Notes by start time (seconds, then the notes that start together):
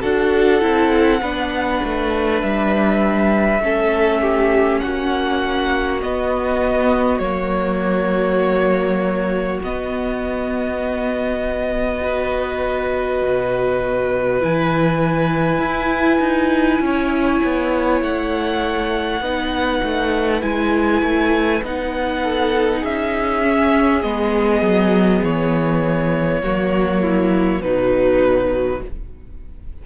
0.00 D4 F#4 A4 F#5
0.60 C4 E4
1.21 B3 D4 B4
1.83 A3
2.41 G3 E5
3.59 A3 C#4 A4
4.21 G4
4.79 A#3 F#4 F#5
6.02 B3 D#5
7.19 F#3 A#3 C#5
9.62 B3 D#5
12.01 F#4 B4
13.21 B2
14.40 E3 E4 G#5
15.59 E4
16.19 D#4
16.80 C#4 C#5
17.44 B3
18.01 A3 F#5
19.20 B3 D#4 B4
19.83 A3
20.41 G#3 E4 G#5
21.02 A3
21.62 B3 D#4 F#5
22.22 A4
22.80 C#4 G#4 E5
23.42 C#4
24.01 G#3 B3 D#5
24.61 F#3
25.22 E3 C#5
26.42 F#3 A#3 F#4
27.01 E4
27.61 B2 F#3 D#4 B4